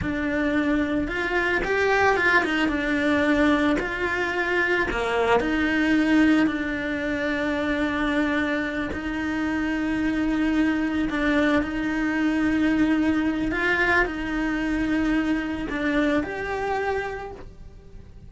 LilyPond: \new Staff \with { instrumentName = "cello" } { \time 4/4 \tempo 4 = 111 d'2 f'4 g'4 | f'8 dis'8 d'2 f'4~ | f'4 ais4 dis'2 | d'1~ |
d'8 dis'2.~ dis'8~ | dis'8 d'4 dis'2~ dis'8~ | dis'4 f'4 dis'2~ | dis'4 d'4 g'2 | }